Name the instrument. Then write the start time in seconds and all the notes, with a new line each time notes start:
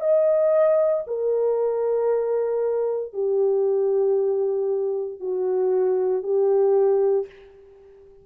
horn
0.00 D#5
1.07 A#4
3.13 G4
5.20 F#4
6.23 G4